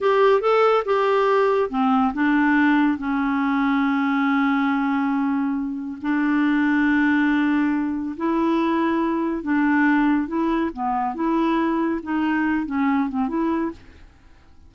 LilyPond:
\new Staff \with { instrumentName = "clarinet" } { \time 4/4 \tempo 4 = 140 g'4 a'4 g'2 | c'4 d'2 cis'4~ | cis'1~ | cis'2 d'2~ |
d'2. e'4~ | e'2 d'2 | e'4 b4 e'2 | dis'4. cis'4 c'8 e'4 | }